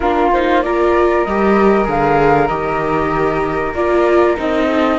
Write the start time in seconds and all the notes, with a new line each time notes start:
0.00 A#3 D4 F4 A#4
0.32 D#4 C5
0.62 F4 A#4 D5
1.24 G3 G4 D#5
1.84 D3 G#4 F5
2.47 D#3 G4 D#5
3.73 A#3 F4 D5
4.37 C4 D#4 D#5
4.66 A4